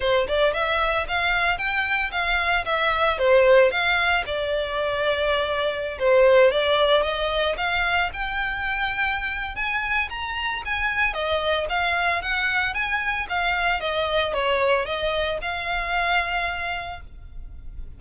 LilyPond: \new Staff \with { instrumentName = "violin" } { \time 4/4 \tempo 4 = 113 c''8 d''8 e''4 f''4 g''4 | f''4 e''4 c''4 f''4 | d''2.~ d''16 c''8.~ | c''16 d''4 dis''4 f''4 g''8.~ |
g''2 gis''4 ais''4 | gis''4 dis''4 f''4 fis''4 | gis''4 f''4 dis''4 cis''4 | dis''4 f''2. | }